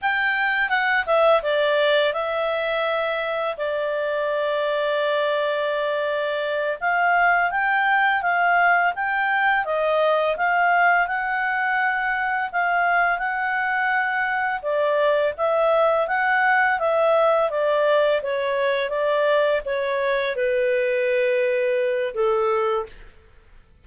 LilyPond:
\new Staff \with { instrumentName = "clarinet" } { \time 4/4 \tempo 4 = 84 g''4 fis''8 e''8 d''4 e''4~ | e''4 d''2.~ | d''4. f''4 g''4 f''8~ | f''8 g''4 dis''4 f''4 fis''8~ |
fis''4. f''4 fis''4.~ | fis''8 d''4 e''4 fis''4 e''8~ | e''8 d''4 cis''4 d''4 cis''8~ | cis''8 b'2~ b'8 a'4 | }